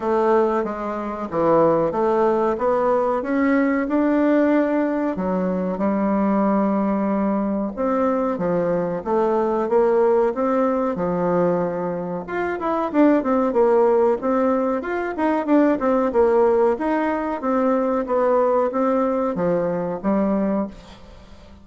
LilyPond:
\new Staff \with { instrumentName = "bassoon" } { \time 4/4 \tempo 4 = 93 a4 gis4 e4 a4 | b4 cis'4 d'2 | fis4 g2. | c'4 f4 a4 ais4 |
c'4 f2 f'8 e'8 | d'8 c'8 ais4 c'4 f'8 dis'8 | d'8 c'8 ais4 dis'4 c'4 | b4 c'4 f4 g4 | }